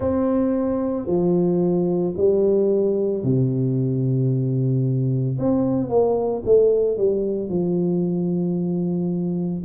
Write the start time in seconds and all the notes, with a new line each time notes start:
0.00 C4
1.06 F3
2.16 G3
3.23 C3
5.38 C4
5.89 A#3
6.45 A3
6.96 G3
7.49 F3